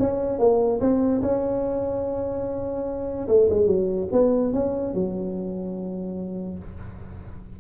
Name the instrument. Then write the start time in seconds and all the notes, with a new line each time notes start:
tuba
0.00 C#4
0.39 A#3
0.81 C4
1.22 C#4
3.29 A3
3.50 G#3
3.67 F#3
4.13 B3
4.54 C#4
4.94 F#3